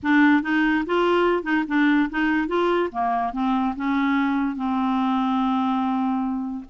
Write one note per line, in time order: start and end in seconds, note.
0.02 0.42 D4
0.42 0.84 D#4
0.85 1.43 F4
1.43 1.64 D#4
1.67 2.09 D4
2.09 2.47 D#4
2.47 2.89 F4
2.91 3.33 A#3
3.33 3.74 C4
3.76 4.56 C#4
4.56 6.64 C4